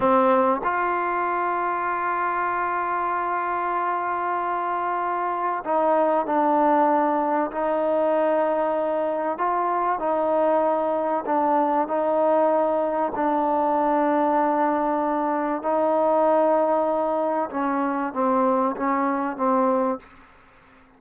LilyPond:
\new Staff \with { instrumentName = "trombone" } { \time 4/4 \tempo 4 = 96 c'4 f'2.~ | f'1~ | f'4 dis'4 d'2 | dis'2. f'4 |
dis'2 d'4 dis'4~ | dis'4 d'2.~ | d'4 dis'2. | cis'4 c'4 cis'4 c'4 | }